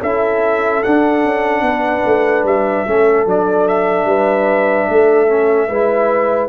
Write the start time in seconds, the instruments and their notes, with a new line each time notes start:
0.00 tuba C#4, trombone E4, horn A4, trumpet E5
0.83 trombone D4, tuba D4, trumpet F#5
1.24 tuba C#4
1.61 tuba B3, horn B4
2.05 tuba A3
2.44 tuba G3, trumpet E5
2.86 tuba A3, trombone C#4, horn A4
3.26 tuba F#3, trombone D4, trumpet D5
3.68 trumpet E5
4.04 tuba G3, horn B4
4.89 tuba A3, horn A4
5.28 trombone C#4
5.68 tuba G#3, trombone E4, horn B4